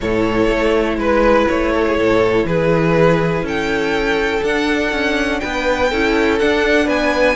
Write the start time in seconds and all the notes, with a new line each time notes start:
0.01 A2 E4 A4 C#5
0.48 A3
0.97 G#3 B4
1.48 A3 C#5
1.72 A4
1.86 G#4
1.97 A2 A4
2.44 E3 G#4 B4
3.42 C#4 A4 G5
4.42 D4 F#5
4.91 C#4
5.40 B3 B4 G5
5.90 C#4 E4 A4
6.39 D4 F#5
6.85 B3 B4 G#5